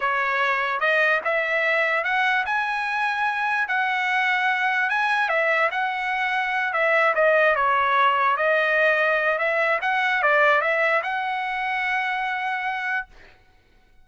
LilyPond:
\new Staff \with { instrumentName = "trumpet" } { \time 4/4 \tempo 4 = 147 cis''2 dis''4 e''4~ | e''4 fis''4 gis''2~ | gis''4 fis''2. | gis''4 e''4 fis''2~ |
fis''8 e''4 dis''4 cis''4.~ | cis''8 dis''2~ dis''8 e''4 | fis''4 d''4 e''4 fis''4~ | fis''1 | }